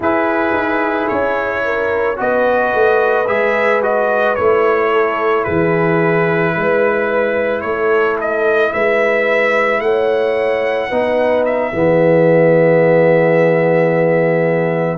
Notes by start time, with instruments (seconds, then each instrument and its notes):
0.00 tuba E4, trombone E4, horn G#4, trumpet B4
0.52 tuba D#4
1.07 tuba C#4, trumpet C#5
1.64 horn A#4
2.16 tuba B3, trombone F#4, horn B4, trumpet D#5
2.73 tuba A3
3.27 tuba G#3, trombone G#4, trumpet E5
3.82 trombone F#4, trumpet D#5
4.35 tuba A3, trombone E4, trumpet C#5
4.92 horn A4
5.43 tuba E3, horn G#4, trumpet B4
6.54 tuba G#3, horn B4
7.61 tuba A3, horn A4, trumpet C#5
8.20 trumpet D#5
8.72 tuba G#3, horn B4, trumpet E5
9.79 tuba A3, horn C#5, trumpet F#5
10.89 tuba B3, trombone D#4, horn B4
11.45 trumpet E5
11.72 tuba E3, trombone B3, horn G#4